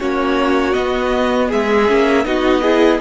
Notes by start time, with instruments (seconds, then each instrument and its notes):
0.00 cello A#3, viola C#4, violin F#4 C#5
0.74 viola B3, cello B3, violin D#5
1.49 cello G#3, violin G#4 E5
1.88 cello A#3, viola C#4
2.25 cello B3, viola D#4, violin F#4 D#5
2.61 viola E4, violin G#4